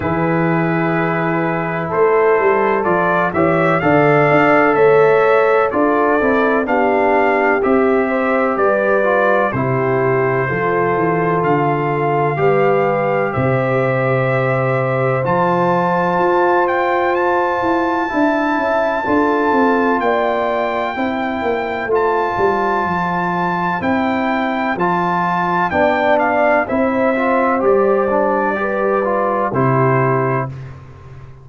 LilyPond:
<<
  \new Staff \with { instrumentName = "trumpet" } { \time 4/4 \tempo 4 = 63 b'2 c''4 d''8 e''8 | f''4 e''4 d''4 f''4 | e''4 d''4 c''2 | f''2 e''2 |
a''4. g''8 a''2~ | a''4 g''2 a''4~ | a''4 g''4 a''4 g''8 f''8 | e''4 d''2 c''4 | }
  \new Staff \with { instrumentName = "horn" } { \time 4/4 gis'2 a'4. cis''8 | d''4 cis''4 a'4 g'4~ | g'8 c''8 b'4 g'4 a'4~ | a'4 b'4 c''2~ |
c''2. e''4 | a'4 d''4 c''2~ | c''2. d''4 | c''2 b'4 g'4 | }
  \new Staff \with { instrumentName = "trombone" } { \time 4/4 e'2. f'8 g'8 | a'2 f'8 e'8 d'4 | g'4. f'8 e'4 f'4~ | f'4 g'2. |
f'2. e'4 | f'2 e'4 f'4~ | f'4 e'4 f'4 d'4 | e'8 f'8 g'8 d'8 g'8 f'8 e'4 | }
  \new Staff \with { instrumentName = "tuba" } { \time 4/4 e2 a8 g8 f8 e8 | d8 d'8 a4 d'8 c'8 b4 | c'4 g4 c4 f8 e8 | d4 g4 c2 |
f4 f'4. e'8 d'8 cis'8 | d'8 c'8 ais4 c'8 ais8 a8 g8 | f4 c'4 f4 b4 | c'4 g2 c4 | }
>>